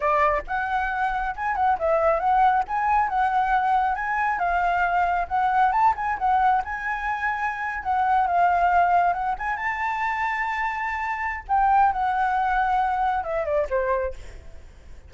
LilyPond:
\new Staff \with { instrumentName = "flute" } { \time 4/4 \tempo 4 = 136 d''4 fis''2 gis''8 fis''8 | e''4 fis''4 gis''4 fis''4~ | fis''4 gis''4 f''2 | fis''4 a''8 gis''8 fis''4 gis''4~ |
gis''4.~ gis''16 fis''4 f''4~ f''16~ | f''8. fis''8 gis''8 a''2~ a''16~ | a''2 g''4 fis''4~ | fis''2 e''8 d''8 c''4 | }